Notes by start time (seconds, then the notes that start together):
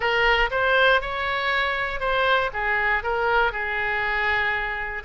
0.00 A#4
0.50 C5
1.01 C#5
2.00 C5
2.53 G#4
3.03 A#4
3.52 G#4